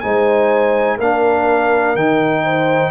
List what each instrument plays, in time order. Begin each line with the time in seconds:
0.00 tuba G#3, trombone D#4, horn C5, trumpet G#5
0.97 tuba A#3, trombone D4, horn A#4, trumpet F5
1.95 tuba D#3, trombone D#4, trumpet G5
2.43 horn C5